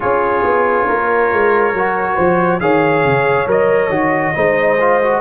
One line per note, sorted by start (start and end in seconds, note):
0.00 0.43 C#4
0.00 1.74 F4
0.00 0.87 G#4
0.00 2.60 C#5
0.43 0.86 B3
0.87 1.32 A#3
0.87 2.15 A#4
1.32 1.73 G#3
1.73 2.16 F#3
1.73 2.60 F#4
2.15 2.60 F3
2.15 2.58 C5
2.60 3.03 D#3
2.60 3.47 G#4
2.60 4.35 C#5
2.60 3.47 F5
3.04 3.46 C#3
3.46 3.89 F#3
3.46 3.90 A#4
3.46 5.21 D#5
3.89 4.32 D#3
3.89 4.34 F#4
4.34 5.21 G#3
4.34 4.77 D#4
4.34 5.21 C5
4.80 5.01 F4
5.02 5.21 F#4